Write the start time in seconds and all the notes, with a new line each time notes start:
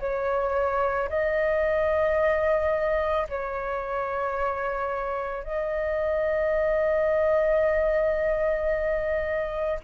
0.00 C#5
1.10 D#5
3.29 C#5
5.44 D#5